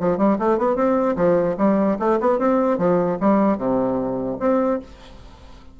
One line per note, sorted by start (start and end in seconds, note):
0.00 0.18 F3
0.18 0.38 G3
0.39 0.58 A3
0.58 0.75 B3
0.75 1.15 C4
1.16 1.56 F3
1.57 1.97 G3
1.99 2.19 A3
2.20 2.39 B3
2.39 2.78 C4
2.78 3.18 F3
3.20 3.57 G3
3.57 4.37 C3
4.40 4.80 C4